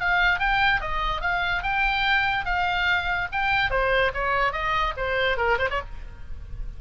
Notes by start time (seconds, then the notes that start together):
0.00 F5
0.40 G5
0.81 D#5
1.22 F5
1.63 G5
2.46 F5
3.32 G5
3.71 C5
4.14 C#5
4.53 D#5
4.97 C5
5.38 A#4
5.59 C5
5.71 C#5